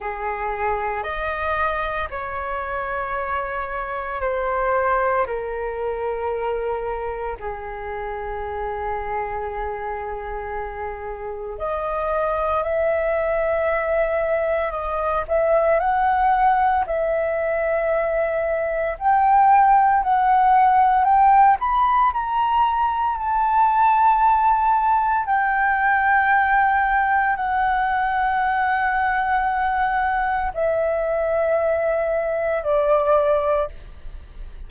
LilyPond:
\new Staff \with { instrumentName = "flute" } { \time 4/4 \tempo 4 = 57 gis'4 dis''4 cis''2 | c''4 ais'2 gis'4~ | gis'2. dis''4 | e''2 dis''8 e''8 fis''4 |
e''2 g''4 fis''4 | g''8 b''8 ais''4 a''2 | g''2 fis''2~ | fis''4 e''2 d''4 | }